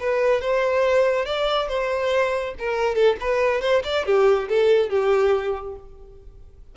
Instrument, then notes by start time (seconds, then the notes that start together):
violin
0.00 B4
0.41 C5
1.26 D5
1.69 C5
2.59 A#4
2.95 A4
3.21 B4
3.62 C5
3.84 D5
4.06 G4
4.49 A4
4.90 G4